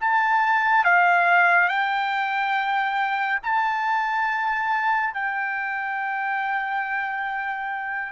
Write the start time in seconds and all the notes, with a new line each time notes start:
0.00 A5
0.84 F5
1.68 G5
3.42 A5
5.14 G5